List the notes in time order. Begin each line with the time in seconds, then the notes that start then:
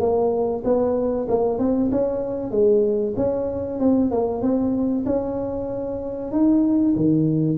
0.00 A#3
0.64 B3
1.29 A#3
1.58 C4
1.91 C#4
2.51 G#3
3.17 C#4
3.80 C4
4.11 A#3
4.42 C4
5.06 C#4
6.32 D#4
6.96 D#3